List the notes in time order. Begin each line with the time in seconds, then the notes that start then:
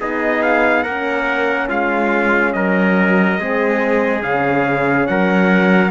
0.00 B3 D#4 G#4 D#5
0.43 F5
0.83 A#3 C#4 A#4 F#5
1.69 G#3 F4 F5
2.53 F#3 A#4 D#5
3.39 G#3 C4 G#4
4.21 C#3 C#4 F5
5.07 F#3 A#4 F#5